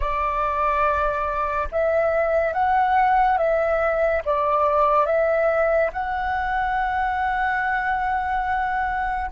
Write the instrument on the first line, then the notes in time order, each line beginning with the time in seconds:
flute
0.00 D5
1.71 E5
2.53 F#5
3.37 E5
4.25 D5
5.06 E5
5.92 F#5